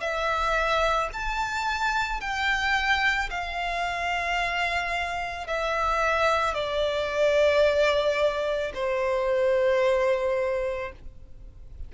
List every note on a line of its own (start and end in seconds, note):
0.00 1.09 E5
1.13 2.21 A5
2.21 3.30 G5
3.30 5.47 F5
5.47 6.54 E5
6.54 8.72 D5
8.74 10.92 C5